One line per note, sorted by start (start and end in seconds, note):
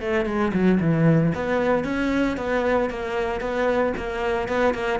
0.00 0.25 A3
0.25 0.51 G#3
0.53 0.79 F#3
0.80 1.33 E3
1.34 1.84 B3
1.84 2.37 C#4
2.37 2.89 B3
2.89 3.40 A#3
3.40 3.93 B3
3.97 4.48 A#3
4.48 4.74 B3
4.74 4.99 A#3